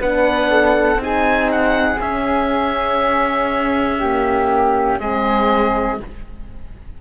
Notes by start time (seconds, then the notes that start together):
0.00 B3 D4 B4 F#5
0.51 A4
0.96 C4 D#4
1.02 G#4 G#5
1.52 F#5
2.01 C#4 E5
4.00 A#3 G4
5.00 G#3 C4 G#4 D#5